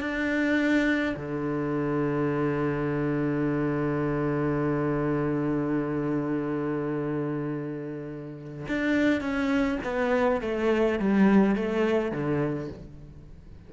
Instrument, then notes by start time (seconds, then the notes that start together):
cello
0.00 D4
1.17 D3
8.68 D4
9.21 C#4
9.84 B3
10.41 A3
10.99 G3
11.56 A3
12.11 D3